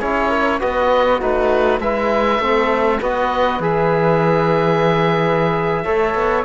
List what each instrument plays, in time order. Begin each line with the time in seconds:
0.00 cello C#4, trombone E4, flute G#4, oboe C#5
0.29 flute A#4
0.60 cello B3, trombone F#4, flute B4, oboe D#5
1.17 cello A3, trombone D#4, flute F#4, oboe B4
1.80 cello G#3, trombone E4, flute B4, oboe E5
2.40 cello A3, trombone C4, flute A4
3.01 cello B3, trombone F#4, flute B4, oboe D#5
3.60 cello E3, trombone G#4, oboe E5
5.85 cello A3, trombone A4, flute C#5
6.15 cello B3